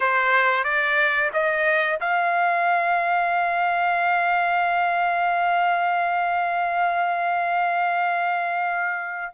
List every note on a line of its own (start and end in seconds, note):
0.00 0.64 C5
0.64 1.30 D5
1.33 1.99 D#5
2.00 9.33 F5